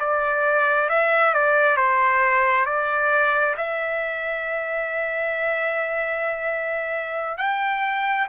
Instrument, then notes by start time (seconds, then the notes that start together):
trumpet
0.00 D5
0.90 E5
1.34 D5
1.77 C5
2.66 D5
3.58 E5
7.38 G5